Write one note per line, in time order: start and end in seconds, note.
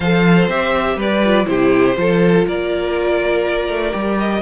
0.00 0.48 F3
0.00 0.50 A4
0.00 0.96 C5
0.00 0.48 F5
0.48 0.96 C4
0.48 1.24 G4
0.48 0.98 E5
0.96 1.46 G3
0.96 1.46 B4
0.96 1.46 D5
1.25 1.45 F4
1.45 1.96 C3
1.45 1.94 E4
1.45 1.98 G4
1.45 2.45 C5
1.96 2.45 F3
1.96 3.90 F4
1.96 2.47 A4
2.47 3.68 A#3
2.47 4.41 A#4
2.47 4.19 D5
3.68 3.93 A3
3.90 4.41 G3
3.90 4.39 G4
4.19 4.41 D#5